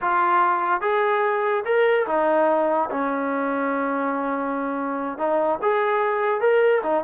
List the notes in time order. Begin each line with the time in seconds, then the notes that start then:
0.01 F4
0.81 G#4
1.65 A#4
2.07 D#4
2.90 C#4
5.17 D#4
5.62 G#4
6.40 A#4
6.83 D#4